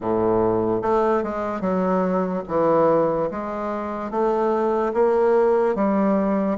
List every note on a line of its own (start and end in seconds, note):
0.00 0.81 A2
0.81 1.23 A3
1.23 1.60 G#3
1.60 2.42 F#3
2.48 3.30 E3
3.31 4.10 G#3
4.10 4.92 A3
4.93 5.75 A#3
5.75 6.57 G3